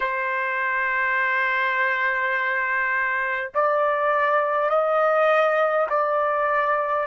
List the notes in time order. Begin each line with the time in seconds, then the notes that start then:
0.00 C5
3.54 D5
4.69 D#5
5.89 D5